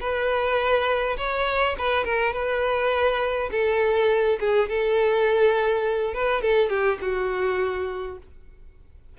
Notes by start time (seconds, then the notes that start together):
0.00 B4
1.18 C#5
1.78 B4
2.04 A#4
2.33 B4
3.51 A4
4.40 G#4
4.69 A4
6.14 B4
6.42 A4
6.69 G4
7.01 F#4